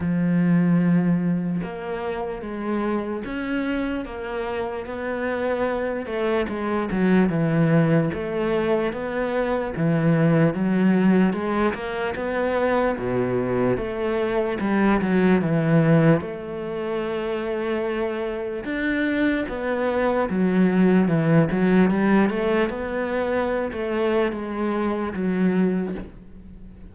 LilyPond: \new Staff \with { instrumentName = "cello" } { \time 4/4 \tempo 4 = 74 f2 ais4 gis4 | cis'4 ais4 b4. a8 | gis8 fis8 e4 a4 b4 | e4 fis4 gis8 ais8 b4 |
b,4 a4 g8 fis8 e4 | a2. d'4 | b4 fis4 e8 fis8 g8 a8 | b4~ b16 a8. gis4 fis4 | }